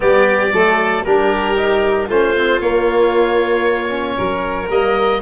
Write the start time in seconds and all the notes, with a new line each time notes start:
0.00 G3 B3 G4 D5
0.52 F#3 A3 A4
1.04 G3 D4 G4 A#4
1.57 D#4
2.07 A3 C#4 F4 C5
2.36 C4
2.60 A#3 C#5
3.88 C#4
4.16 F#3 A#4
4.69 G3 A#3 D#5